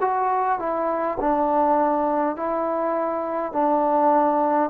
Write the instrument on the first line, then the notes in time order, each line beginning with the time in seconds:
trombone
0.00 F#4
0.59 E4
1.20 D4
2.36 E4
3.52 D4